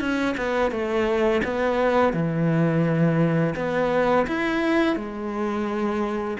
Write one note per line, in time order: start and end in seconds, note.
0.00 0.35 C#4
0.37 0.71 B3
0.71 1.42 A3
1.44 2.13 B3
2.13 3.54 E3
3.56 4.26 B3
4.27 4.96 E4
4.96 6.37 G#3